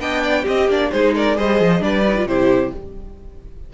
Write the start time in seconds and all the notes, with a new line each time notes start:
0.00 B3 D4 D#5 G5
0.23 D5
0.43 C4 G4 D#5
0.49 C4
0.69 A#3 D4 D5
0.92 G#3 D#4 G#4 C5
1.15 A#4 D5
1.36 G3 G#4 C5 D#5
1.60 F3
1.80 G3 D4 B4 D5
2.08 D#4
2.17 F4
2.26 C3 E4 G4 C5